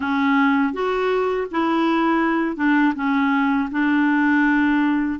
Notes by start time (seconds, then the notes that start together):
0.00 C#4
0.73 F#4
1.51 E4
2.56 D4
2.95 C#4
3.71 D4